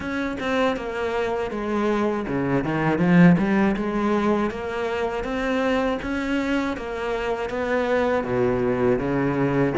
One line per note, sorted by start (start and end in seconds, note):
0.00 0.37 C#4
0.40 0.76 C4
0.76 1.50 A#3
1.50 2.25 G#3
2.27 2.64 C#3
2.64 2.98 D#3
2.98 3.36 F3
3.38 3.75 G3
3.76 4.50 G#3
4.50 5.24 A#3
5.24 5.99 C4
6.01 6.76 C#4
6.77 7.49 A#3
7.49 8.24 B3
8.24 8.98 B2
8.98 9.73 C#3